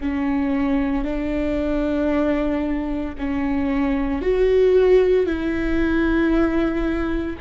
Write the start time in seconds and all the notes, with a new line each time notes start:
0.00 C#4
1.04 D4
3.18 C#4
4.22 F#4
5.26 E4